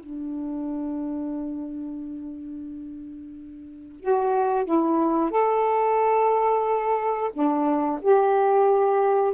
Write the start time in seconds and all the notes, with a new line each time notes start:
0.00 D4
4.00 F#4
4.65 E4
5.31 A4
7.33 D4
8.01 G4